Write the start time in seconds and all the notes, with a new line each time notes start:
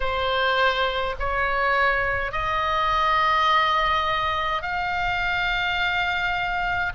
0.00 C5
1.19 C#5
2.31 D#5
4.62 F5